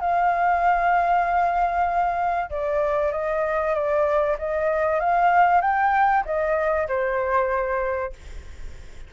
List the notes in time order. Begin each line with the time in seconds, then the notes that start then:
0.00 F5
2.50 D5
3.12 D#5
3.74 D5
4.38 D#5
5.00 F5
5.61 G5
6.25 D#5
6.88 C5